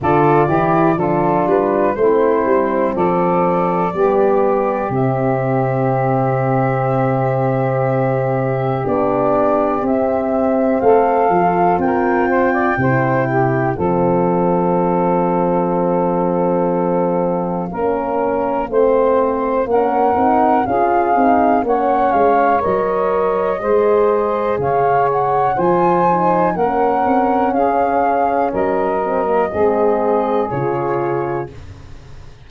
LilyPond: <<
  \new Staff \with { instrumentName = "flute" } { \time 4/4 \tempo 4 = 61 d''4 a'8 b'8 c''4 d''4~ | d''4 e''2.~ | e''4 d''4 e''4 f''4 | g''2 f''2~ |
f''1 | fis''4 f''4 fis''8 f''8 dis''4~ | dis''4 f''8 fis''8 gis''4 fis''4 | f''4 dis''2 cis''4 | }
  \new Staff \with { instrumentName = "saxophone" } { \time 4/4 a'8 g'8 f'4 e'4 a'4 | g'1~ | g'2. a'4 | ais'8 c''16 d''16 c''8 g'8 a'2~ |
a'2 ais'4 c''4 | ais'4 gis'4 cis''2 | c''4 cis''4 c''4 ais'4 | gis'4 ais'4 gis'2 | }
  \new Staff \with { instrumentName = "horn" } { \time 4/4 f'8 e'8 d'4 c'2 | b4 c'2.~ | c'4 d'4 c'4. f'8~ | f'4 e'4 c'2~ |
c'2 cis'4 c'4 | cis'8 dis'8 f'8 dis'8 cis'4 ais'4 | gis'2 f'8 dis'8 cis'4~ | cis'4. c'16 ais16 c'4 f'4 | }
  \new Staff \with { instrumentName = "tuba" } { \time 4/4 d8 e8 f8 g8 a8 g8 f4 | g4 c2.~ | c4 b4 c'4 a8 f8 | c'4 c4 f2~ |
f2 ais4 a4 | ais8 c'8 cis'8 c'8 ais8 gis8 fis4 | gis4 cis4 f4 ais8 c'8 | cis'4 fis4 gis4 cis4 | }
>>